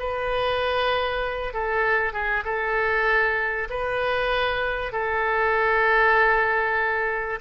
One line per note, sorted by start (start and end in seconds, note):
0.00 1.54 B4
1.54 2.13 A4
2.13 2.44 G#4
2.45 3.69 A4
3.71 4.93 B4
4.93 7.40 A4